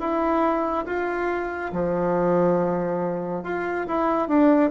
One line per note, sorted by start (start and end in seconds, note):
0.00 0.86 E4
0.86 1.72 F4
1.73 3.44 F3
3.44 3.87 F4
3.88 4.29 E4
4.29 4.71 D4